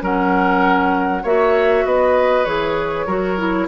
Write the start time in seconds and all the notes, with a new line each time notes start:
0.00 F#3 C#4 A#4 F#5
1.23 A#3 F#4 C#5 E5
1.85 B3 B4 D#5
2.45 E3 G#4 C#5
3.06 F#3 F#4 A#4
3.38 E4